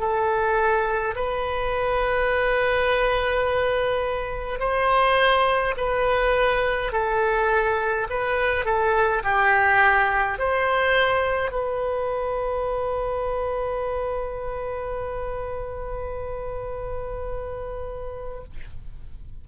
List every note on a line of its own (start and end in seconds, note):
0.00 1.15 A4
1.16 4.60 B4
4.60 5.75 C5
5.77 6.92 B4
6.92 8.08 A4
8.10 8.65 B4
8.65 9.23 A4
9.24 10.39 G4
10.39 11.52 C5
11.52 18.44 B4